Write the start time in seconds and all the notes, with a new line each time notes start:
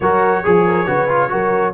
0.00 F#3 F#4 A#4 C#5
0.43 F3 G#4
0.65 A#4
0.86 C#3 F#4 B4
1.08 F4
1.29 F#3 F#4 A#4